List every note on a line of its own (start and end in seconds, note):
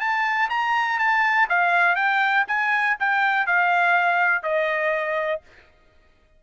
0.00 0.49 A5
0.50 0.99 A#5
0.99 1.48 A5
1.49 1.96 F5
1.96 2.45 G5
2.48 2.97 G#5
3.00 3.47 G5
3.47 4.43 F5
4.43 5.41 D#5